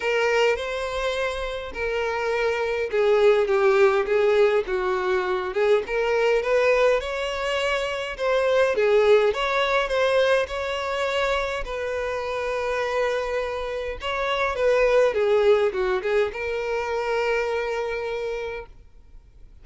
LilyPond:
\new Staff \with { instrumentName = "violin" } { \time 4/4 \tempo 4 = 103 ais'4 c''2 ais'4~ | ais'4 gis'4 g'4 gis'4 | fis'4. gis'8 ais'4 b'4 | cis''2 c''4 gis'4 |
cis''4 c''4 cis''2 | b'1 | cis''4 b'4 gis'4 fis'8 gis'8 | ais'1 | }